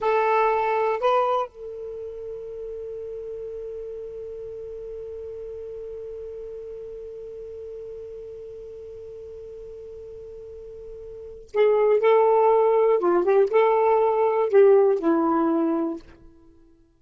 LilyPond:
\new Staff \with { instrumentName = "saxophone" } { \time 4/4 \tempo 4 = 120 a'2 b'4 a'4~ | a'1~ | a'1~ | a'1~ |
a'1~ | a'2. gis'4 | a'2 f'8 g'8 a'4~ | a'4 g'4 e'2 | }